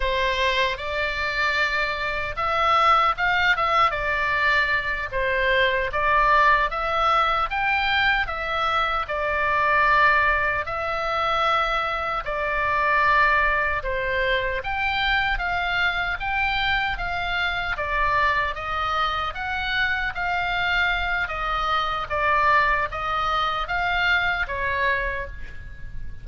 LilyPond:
\new Staff \with { instrumentName = "oboe" } { \time 4/4 \tempo 4 = 76 c''4 d''2 e''4 | f''8 e''8 d''4. c''4 d''8~ | d''8 e''4 g''4 e''4 d''8~ | d''4. e''2 d''8~ |
d''4. c''4 g''4 f''8~ | f''8 g''4 f''4 d''4 dis''8~ | dis''8 fis''4 f''4. dis''4 | d''4 dis''4 f''4 cis''4 | }